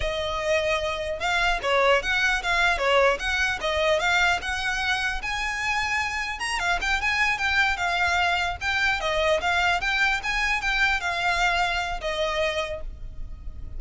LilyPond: \new Staff \with { instrumentName = "violin" } { \time 4/4 \tempo 4 = 150 dis''2. f''4 | cis''4 fis''4 f''4 cis''4 | fis''4 dis''4 f''4 fis''4~ | fis''4 gis''2. |
ais''8 f''8 g''8 gis''4 g''4 f''8~ | f''4. g''4 dis''4 f''8~ | f''8 g''4 gis''4 g''4 f''8~ | f''2 dis''2 | }